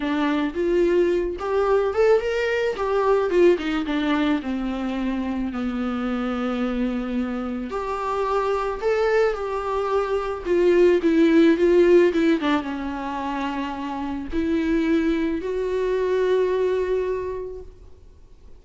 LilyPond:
\new Staff \with { instrumentName = "viola" } { \time 4/4 \tempo 4 = 109 d'4 f'4. g'4 a'8 | ais'4 g'4 f'8 dis'8 d'4 | c'2 b2~ | b2 g'2 |
a'4 g'2 f'4 | e'4 f'4 e'8 d'8 cis'4~ | cis'2 e'2 | fis'1 | }